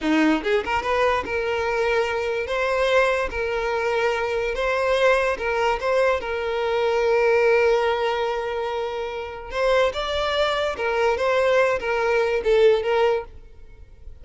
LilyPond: \new Staff \with { instrumentName = "violin" } { \time 4/4 \tempo 4 = 145 dis'4 gis'8 ais'8 b'4 ais'4~ | ais'2 c''2 | ais'2. c''4~ | c''4 ais'4 c''4 ais'4~ |
ais'1~ | ais'2. c''4 | d''2 ais'4 c''4~ | c''8 ais'4. a'4 ais'4 | }